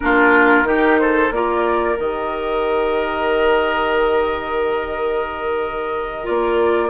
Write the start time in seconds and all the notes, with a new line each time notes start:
0.00 A#3 D4 F4 A#4
0.63 D#3 D#4 G4
0.98 A4 C5
1.31 A#3 F4 A#4 D5
1.96 D#3 G4 D#5
6.23 A#3 F4 D5